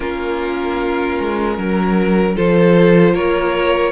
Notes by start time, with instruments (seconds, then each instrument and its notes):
0.00 cello A#3, viola C#4, violin F4 A#4
1.20 cello G#3
1.58 cello F#3, violin A#4
2.36 cello F3, viola F4, violin A4 C5
3.13 cello A#3, violin A#4 C#5